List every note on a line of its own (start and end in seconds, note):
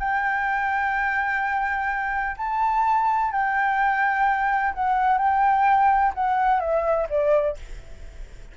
0.00 2.36 G5
2.38 3.32 A5
3.32 4.74 G5
4.74 5.18 F#5
5.18 6.13 G5
6.15 6.61 F#5
6.61 7.08 E5
7.10 7.57 D5